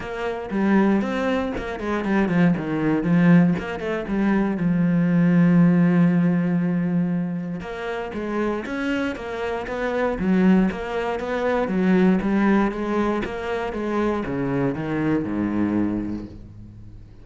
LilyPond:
\new Staff \with { instrumentName = "cello" } { \time 4/4 \tempo 4 = 118 ais4 g4 c'4 ais8 gis8 | g8 f8 dis4 f4 ais8 a8 | g4 f2.~ | f2. ais4 |
gis4 cis'4 ais4 b4 | fis4 ais4 b4 fis4 | g4 gis4 ais4 gis4 | cis4 dis4 gis,2 | }